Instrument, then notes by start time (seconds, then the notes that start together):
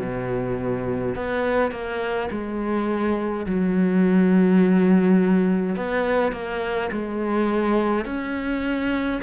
cello
0.00 B2
1.15 B3
1.72 A#3
2.31 G#3
3.46 F#3
5.76 B3
6.32 A#3
6.92 G#3
8.05 C#4